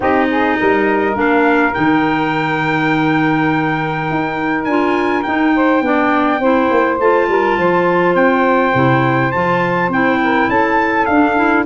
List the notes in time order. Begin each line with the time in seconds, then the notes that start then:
0.00 C4 D#4 G4 D#5
0.29 G#4
0.58 G3 A#4
1.14 A#3 D4 F5
1.73 D#3 D#4 G5
4.10 D#4
4.64 D4 F4 G#5
5.22 D#4 G5
5.55 C5
5.81 B3 D4 D5
6.39 C4 E4 C5
6.70 A#3
6.99 A3 F4 A5
7.28 G3 A#4
7.57 F3 C5
8.14 C4 G5
8.74 C3 E4
9.31 F3 F4 A5
9.88 C4 E4 G5
10.22 A#4
10.48 C#4 A4 A5
11.05 D4 F5
11.35 E4